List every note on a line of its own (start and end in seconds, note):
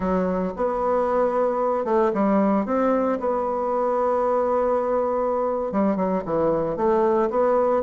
0.00 0.52 F#3
0.56 1.84 B3
1.84 2.11 A3
2.13 2.65 G3
2.65 3.19 C4
3.19 5.72 B3
5.72 5.96 G3
5.96 6.22 F#3
6.25 6.76 E3
6.76 7.29 A3
7.30 7.82 B3